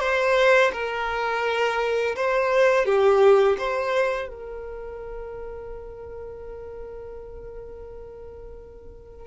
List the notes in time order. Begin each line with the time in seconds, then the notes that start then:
0.00 C5
0.73 A#4
2.16 C5
2.85 G4
3.58 C5
4.28 A#4